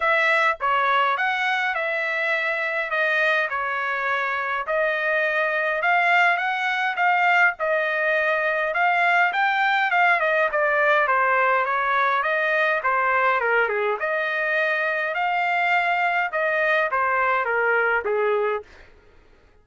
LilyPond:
\new Staff \with { instrumentName = "trumpet" } { \time 4/4 \tempo 4 = 103 e''4 cis''4 fis''4 e''4~ | e''4 dis''4 cis''2 | dis''2 f''4 fis''4 | f''4 dis''2 f''4 |
g''4 f''8 dis''8 d''4 c''4 | cis''4 dis''4 c''4 ais'8 gis'8 | dis''2 f''2 | dis''4 c''4 ais'4 gis'4 | }